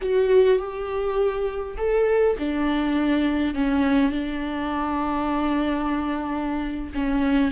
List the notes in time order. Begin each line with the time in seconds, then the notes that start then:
0.01 F#4
0.59 G4
1.77 A4
2.38 D4
3.54 C#4
4.11 D4
6.94 C#4